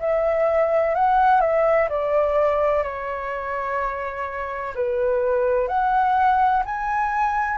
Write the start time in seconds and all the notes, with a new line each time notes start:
0.00 E5
0.95 F#5
1.41 E5
1.90 D5
2.84 C#5
4.75 B4
5.68 F#5
6.65 G#5